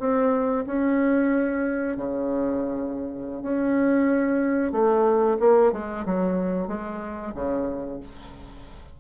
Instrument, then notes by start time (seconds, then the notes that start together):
bassoon
0.00 C4
0.67 C#4
1.97 C#3
3.43 C#4
4.72 A3
5.40 A#3
5.73 G#3
6.06 F#3
6.68 G#3
7.35 C#3